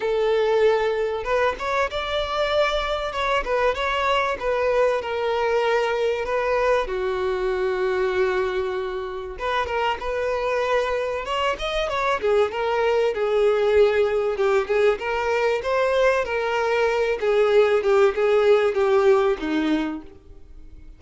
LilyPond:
\new Staff \with { instrumentName = "violin" } { \time 4/4 \tempo 4 = 96 a'2 b'8 cis''8 d''4~ | d''4 cis''8 b'8 cis''4 b'4 | ais'2 b'4 fis'4~ | fis'2. b'8 ais'8 |
b'2 cis''8 dis''8 cis''8 gis'8 | ais'4 gis'2 g'8 gis'8 | ais'4 c''4 ais'4. gis'8~ | gis'8 g'8 gis'4 g'4 dis'4 | }